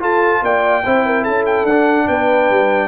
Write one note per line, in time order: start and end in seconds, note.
0.00 0.83 F4
0.00 0.42 F4
0.00 0.43 A4
0.00 0.44 A5
0.42 0.84 A#3
0.42 0.85 D5
0.42 1.24 G5
0.86 1.27 C4
0.86 1.68 E4
0.86 1.05 C5
1.05 1.23 A#4
1.23 1.64 C#4
1.23 2.05 A4
1.23 1.44 A5
1.46 1.67 G5
1.64 2.05 D4
1.64 2.08 F#5
1.70 2.88 D4
2.07 2.51 B3
2.07 2.88 B4
2.07 2.88 G5
2.51 2.88 G3